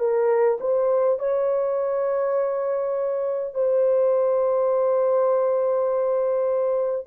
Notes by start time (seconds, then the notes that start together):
0.00 A#4
0.60 C5
1.19 C#5
3.55 C5